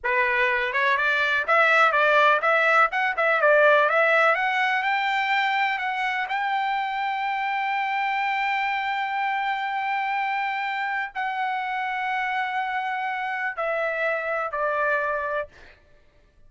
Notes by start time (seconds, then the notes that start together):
0.03 B4
0.73 C#5
0.97 D5
1.47 E5
1.92 D5
2.41 E5
2.91 F#5
3.16 E5
3.41 D5
3.89 E5
4.35 F#5
4.83 G5
5.78 F#5
6.28 G5
11.14 F#5
13.56 E5
14.51 D5